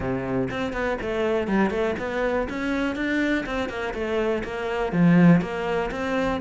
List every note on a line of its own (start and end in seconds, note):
0.00 0.49 C3
0.50 0.72 C4
0.72 0.97 B3
1.01 1.47 A3
1.47 1.70 G3
1.70 1.94 A3
1.99 2.48 B3
2.49 2.95 C#4
2.95 3.44 D4
3.46 3.69 C4
3.69 3.93 A#3
3.93 4.43 A3
4.44 4.92 A#3
4.92 5.41 F3
5.41 5.90 A#3
5.91 6.40 C4